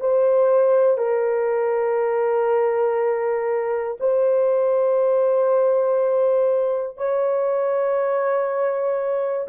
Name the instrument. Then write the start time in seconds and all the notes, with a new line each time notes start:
horn
0.00 C5
0.98 A#4
4.00 C5
6.97 C#5